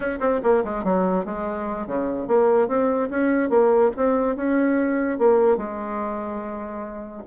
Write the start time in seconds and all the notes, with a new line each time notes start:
0.00 C#4
0.20 C4
0.43 A#3
0.64 G#3
0.84 F#3
1.25 G#3
1.86 C#3
2.27 A#3
2.68 C4
3.10 C#4
3.49 A#3
3.96 C4
4.36 C#4
5.18 A#3
5.57 G#3